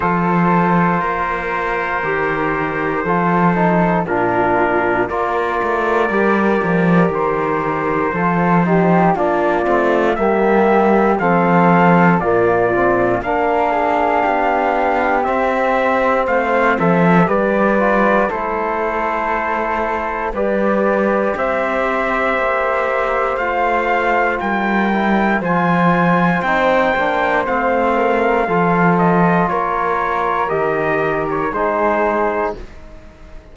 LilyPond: <<
  \new Staff \with { instrumentName = "trumpet" } { \time 4/4 \tempo 4 = 59 c''1 | ais'4 d''2 c''4~ | c''4 d''4 e''4 f''4 | d''4 f''2 e''4 |
f''8 e''8 d''4 c''2 | d''4 e''2 f''4 | g''4 gis''4 g''4 f''4~ | f''8 dis''8 cis''4 dis''8. cis''16 c''4 | }
  \new Staff \with { instrumentName = "flute" } { \time 4/4 a'4 ais'2 a'4 | f'4 ais'2. | a'8 g'8 f'4 g'4 a'4 | f'4 ais'8 gis'8 g'2 |
c''8 a'8 b'4 a'2 | b'4 c''2. | ais'4 c''2~ c''8 ais'8 | a'4 ais'2 gis'4 | }
  \new Staff \with { instrumentName = "trombone" } { \time 4/4 f'2 g'4 f'8 dis'8 | d'4 f'4 g'2 | f'8 dis'8 d'8 c'8 ais4 c'4 | ais8 c'8 d'2 c'4~ |
c'4 g'8 f'8 e'2 | g'2. f'4~ | f'8 e'8 f'4 dis'8 d'8 c'4 | f'2 g'4 dis'4 | }
  \new Staff \with { instrumentName = "cello" } { \time 4/4 f4 ais4 dis4 f4 | ais,4 ais8 a8 g8 f8 dis4 | f4 ais8 a8 g4 f4 | ais,4 ais4 b4 c'4 |
a8 f8 g4 a2 | g4 c'4 ais4 a4 | g4 f4 c'8 ais8 a4 | f4 ais4 dis4 gis4 | }
>>